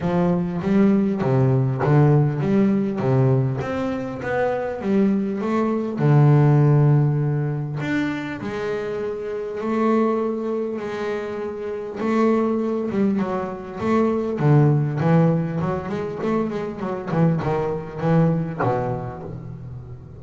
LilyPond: \new Staff \with { instrumentName = "double bass" } { \time 4/4 \tempo 4 = 100 f4 g4 c4 d4 | g4 c4 c'4 b4 | g4 a4 d2~ | d4 d'4 gis2 |
a2 gis2 | a4. g8 fis4 a4 | d4 e4 fis8 gis8 a8 gis8 | fis8 e8 dis4 e4 b,4 | }